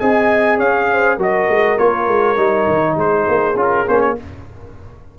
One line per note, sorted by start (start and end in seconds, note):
0.00 0.59 C4
0.00 1.19 G#4
0.00 0.59 D#5
0.00 0.59 G#5
0.59 1.18 C#4
0.59 0.88 C#5
0.59 1.19 F5
0.93 1.17 C5
1.17 1.48 F#3
1.17 1.78 F#4
1.17 2.95 A#4
1.17 1.79 D#5
1.49 1.78 G#3
1.78 2.08 A#3
1.78 2.37 F4
1.78 2.97 C#5
2.08 2.37 G#3
2.37 2.67 G3
2.37 3.55 D#4
2.68 2.96 D#3
2.96 3.26 G#3
2.96 4.19 G#4
2.96 3.59 C5
3.29 3.56 A#3
3.56 3.85 C#4
3.56 3.87 F4
3.56 3.89 A#4
3.87 4.18 A#3
3.87 4.17 C#4
3.87 4.01 C5
4.01 4.16 C#5